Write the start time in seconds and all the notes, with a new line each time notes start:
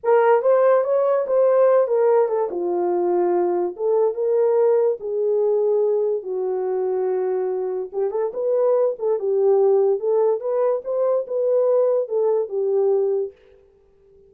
0.03 A#4
0.42 C5
0.84 C#5
1.27 C5
1.87 A#4
2.28 A4
2.50 F4
3.76 A4
4.14 A#4
5.00 G#4
6.23 F#4
7.92 G4
8.11 A4
8.33 B4
8.98 A4
9.19 G4
9.99 A4
10.40 B4
10.84 C5
11.27 B4
12.08 A4
12.48 G4